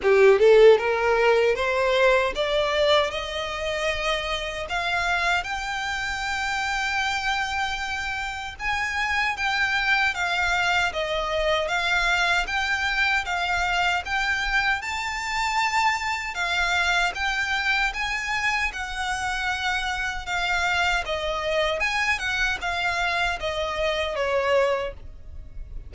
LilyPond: \new Staff \with { instrumentName = "violin" } { \time 4/4 \tempo 4 = 77 g'8 a'8 ais'4 c''4 d''4 | dis''2 f''4 g''4~ | g''2. gis''4 | g''4 f''4 dis''4 f''4 |
g''4 f''4 g''4 a''4~ | a''4 f''4 g''4 gis''4 | fis''2 f''4 dis''4 | gis''8 fis''8 f''4 dis''4 cis''4 | }